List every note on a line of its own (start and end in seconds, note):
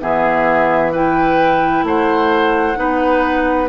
0.00 1.83 E3
0.00 0.92 B3
0.00 0.92 G#4
0.00 0.93 E5
0.92 2.76 E4
0.92 1.84 B4
0.92 1.86 G5
1.83 2.75 A3
1.83 2.78 C5
1.83 3.69 F#5
2.76 3.69 B3
2.76 3.68 D#4
2.76 3.69 B4